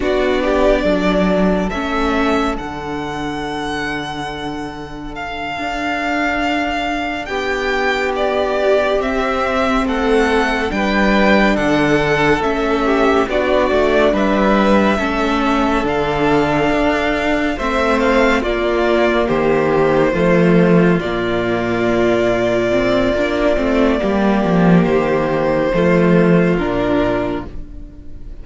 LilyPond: <<
  \new Staff \with { instrumentName = "violin" } { \time 4/4 \tempo 4 = 70 d''2 e''4 fis''4~ | fis''2 f''2~ | f''8 g''4 d''4 e''4 fis''8~ | fis''8 g''4 fis''4 e''4 d''8~ |
d''8 e''2 f''4.~ | f''8 e''8 f''8 d''4 c''4.~ | c''8 d''2.~ d''8~ | d''4 c''2 ais'4 | }
  \new Staff \with { instrumentName = "violin" } { \time 4/4 fis'8 g'8 a'2.~ | a'1~ | a'8 g'2. a'8~ | a'8 b'4 a'4. g'8 fis'8~ |
fis'8 b'4 a'2~ a'8~ | a'8 c''4 f'4 g'4 f'8~ | f'1 | g'2 f'2 | }
  \new Staff \with { instrumentName = "viola" } { \time 4/4 d'2 cis'4 d'4~ | d'1~ | d'2~ d'8 c'4.~ | c'8 d'2 cis'4 d'8~ |
d'4. cis'4 d'4.~ | d'8 c'4 ais2 a8~ | a8 ais2 c'8 d'8 c'8 | ais2 a4 d'4 | }
  \new Staff \with { instrumentName = "cello" } { \time 4/4 b4 fis4 a4 d4~ | d2~ d8 d'4.~ | d'8 b2 c'4 a8~ | a8 g4 d4 a4 b8 |
a8 g4 a4 d4 d'8~ | d'8 a4 ais4 dis4 f8~ | f8 ais,2~ ais,8 ais8 a8 | g8 f8 dis4 f4 ais,4 | }
>>